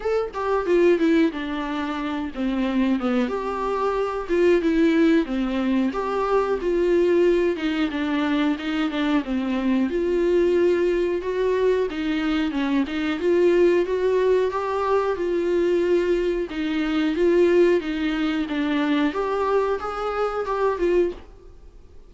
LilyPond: \new Staff \with { instrumentName = "viola" } { \time 4/4 \tempo 4 = 91 a'8 g'8 f'8 e'8 d'4. c'8~ | c'8 b8 g'4. f'8 e'4 | c'4 g'4 f'4. dis'8 | d'4 dis'8 d'8 c'4 f'4~ |
f'4 fis'4 dis'4 cis'8 dis'8 | f'4 fis'4 g'4 f'4~ | f'4 dis'4 f'4 dis'4 | d'4 g'4 gis'4 g'8 f'8 | }